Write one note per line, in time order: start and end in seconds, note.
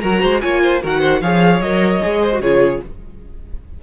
0.00 0.23 F#3
0.00 0.41 F#4
0.00 0.21 A#4
0.00 0.40 A#5
0.21 0.43 G#3
0.21 0.41 C5
0.40 0.83 A#3
0.40 0.82 F4
0.40 0.61 C#5
0.40 0.80 G#5
0.62 0.82 C5
0.82 1.21 D#3
0.82 1.22 F#4
0.82 1.00 A#4
0.82 1.21 F#5
1.00 1.20 C5
1.21 1.60 F3
1.21 1.63 G#4
1.21 2.21 C#5
1.21 1.61 F5
1.60 2.00 F#3
1.60 2.02 A#4
1.60 2.41 D#5
2.02 2.40 G#3
2.02 2.31 G#4
2.21 2.41 C5
2.32 2.42 F#4
2.40 2.80 C#3
2.40 2.83 F4
2.40 2.81 G#4
2.40 2.81 C#5